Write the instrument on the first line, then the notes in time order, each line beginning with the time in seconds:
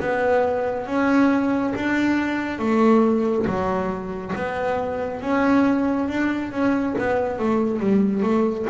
double bass
0.00 B3
0.87 C#4
1.75 D4
2.59 A3
3.47 F#3
4.36 B3
5.21 C#4
6.08 D4
6.51 C#4
6.98 B3
7.39 A3
7.80 G3
8.23 A3